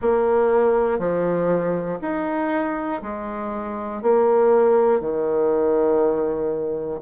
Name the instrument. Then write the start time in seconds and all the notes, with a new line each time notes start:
bassoon
0.01 A#3
0.99 F3
2.01 D#4
3.01 G#3
4.01 A#3
5.00 D#3